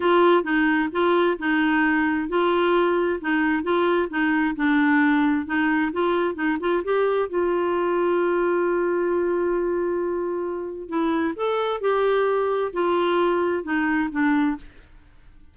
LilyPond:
\new Staff \with { instrumentName = "clarinet" } { \time 4/4 \tempo 4 = 132 f'4 dis'4 f'4 dis'4~ | dis'4 f'2 dis'4 | f'4 dis'4 d'2 | dis'4 f'4 dis'8 f'8 g'4 |
f'1~ | f'1 | e'4 a'4 g'2 | f'2 dis'4 d'4 | }